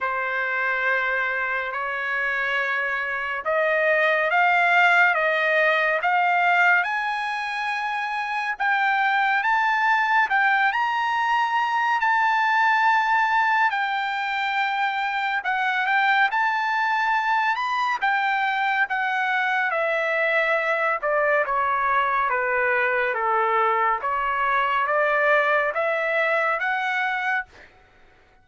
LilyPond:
\new Staff \with { instrumentName = "trumpet" } { \time 4/4 \tempo 4 = 70 c''2 cis''2 | dis''4 f''4 dis''4 f''4 | gis''2 g''4 a''4 | g''8 ais''4. a''2 |
g''2 fis''8 g''8 a''4~ | a''8 b''8 g''4 fis''4 e''4~ | e''8 d''8 cis''4 b'4 a'4 | cis''4 d''4 e''4 fis''4 | }